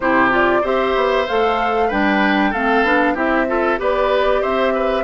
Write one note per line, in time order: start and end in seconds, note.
0.00 0.62 C3
0.00 0.31 E4
0.00 0.61 G4
0.00 0.29 C5
0.31 0.62 F4
0.31 0.65 D5
0.61 0.94 C4
0.61 1.26 G4
0.61 1.87 C5
0.61 1.27 E5
0.95 1.26 B3
1.27 1.91 A3
1.27 1.90 A4
1.27 1.90 F5
1.87 2.53 G3
1.87 2.53 D4
1.87 2.50 B4
1.87 2.53 G5
2.50 2.83 A3
2.50 2.85 C4
2.50 3.13 A4
2.50 3.16 F5
2.83 3.15 B3
2.83 3.15 D4
3.14 3.78 C4
3.14 3.46 E4
3.14 3.45 G4
3.14 3.79 E5
3.47 3.77 F4
3.47 3.79 A4
3.77 4.42 B3
3.77 5.03 G4
3.77 4.41 B4
3.77 4.42 D5
4.41 5.03 C4
4.41 4.73 C5
4.41 5.03 E5
4.74 5.03 B4